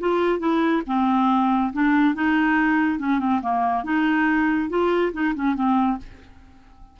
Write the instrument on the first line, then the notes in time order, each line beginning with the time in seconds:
clarinet
0.00 F4
0.40 E4
0.87 C4
1.73 D4
2.14 D#4
2.99 C#4
3.19 C4
3.42 A#3
3.84 D#4
4.69 F4
5.13 D#4
5.35 C#4
5.55 C4